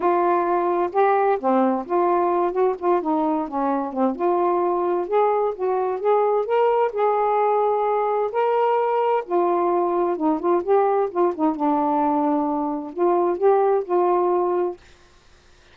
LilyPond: \new Staff \with { instrumentName = "saxophone" } { \time 4/4 \tempo 4 = 130 f'2 g'4 c'4 | f'4. fis'8 f'8 dis'4 cis'8~ | cis'8 c'8 f'2 gis'4 | fis'4 gis'4 ais'4 gis'4~ |
gis'2 ais'2 | f'2 dis'8 f'8 g'4 | f'8 dis'8 d'2. | f'4 g'4 f'2 | }